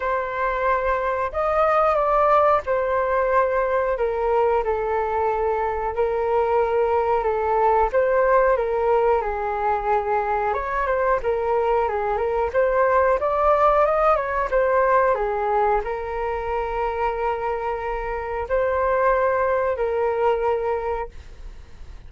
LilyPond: \new Staff \with { instrumentName = "flute" } { \time 4/4 \tempo 4 = 91 c''2 dis''4 d''4 | c''2 ais'4 a'4~ | a'4 ais'2 a'4 | c''4 ais'4 gis'2 |
cis''8 c''8 ais'4 gis'8 ais'8 c''4 | d''4 dis''8 cis''8 c''4 gis'4 | ais'1 | c''2 ais'2 | }